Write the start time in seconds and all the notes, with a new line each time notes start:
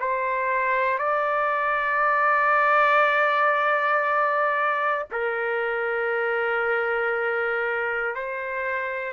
0.00 C5
0.98 D5
5.11 A#4
8.15 C5